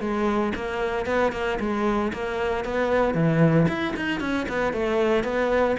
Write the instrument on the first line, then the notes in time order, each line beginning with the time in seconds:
cello
0.00 G#3
0.55 A#3
1.06 B3
1.32 A#3
1.60 G#3
2.13 A#3
2.64 B3
3.14 E3
3.68 E4
3.96 D#4
4.20 C#4
4.49 B3
4.73 A3
5.23 B3